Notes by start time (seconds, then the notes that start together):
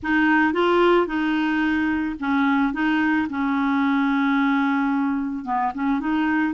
0.02 D#4
0.53 F4
1.06 D#4
2.19 C#4
2.73 D#4
3.29 C#4
5.44 B3
5.74 C#4
6.00 D#4